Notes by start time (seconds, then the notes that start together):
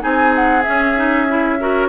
0.00 C4 D#4 G#4 G#5
0.35 F#5
0.62 C#4 E5
0.96 D#4
1.28 E4
1.59 F#4 A#4